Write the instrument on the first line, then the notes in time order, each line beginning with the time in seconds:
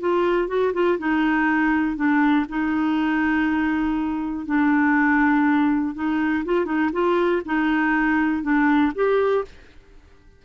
clarinet
0.00 F4
0.48 F#4
0.73 F4
0.99 D#4
1.96 D4
2.49 D#4
4.46 D4
5.95 D#4
6.45 F4
6.65 D#4
6.93 F4
7.46 D#4
8.43 D4
8.95 G4